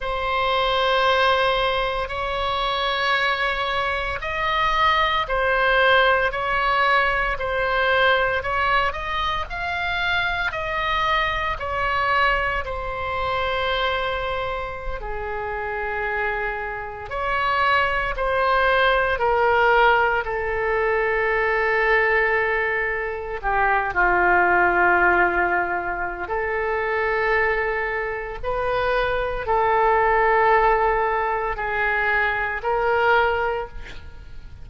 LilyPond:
\new Staff \with { instrumentName = "oboe" } { \time 4/4 \tempo 4 = 57 c''2 cis''2 | dis''4 c''4 cis''4 c''4 | cis''8 dis''8 f''4 dis''4 cis''4 | c''2~ c''16 gis'4.~ gis'16~ |
gis'16 cis''4 c''4 ais'4 a'8.~ | a'2~ a'16 g'8 f'4~ f'16~ | f'4 a'2 b'4 | a'2 gis'4 ais'4 | }